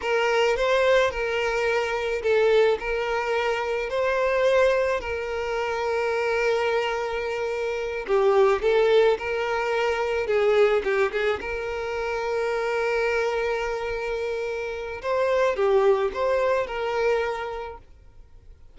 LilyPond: \new Staff \with { instrumentName = "violin" } { \time 4/4 \tempo 4 = 108 ais'4 c''4 ais'2 | a'4 ais'2 c''4~ | c''4 ais'2.~ | ais'2~ ais'8 g'4 a'8~ |
a'8 ais'2 gis'4 g'8 | gis'8 ais'2.~ ais'8~ | ais'2. c''4 | g'4 c''4 ais'2 | }